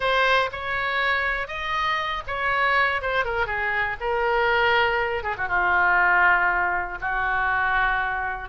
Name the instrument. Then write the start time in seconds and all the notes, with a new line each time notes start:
oboe
0.00 C5
0.52 C#5
1.47 D#5
2.27 C#5
3.01 C5
3.25 A#4
3.46 G#4
4.00 A#4
5.23 G#4
5.37 F#4
5.48 F4
7.00 F#4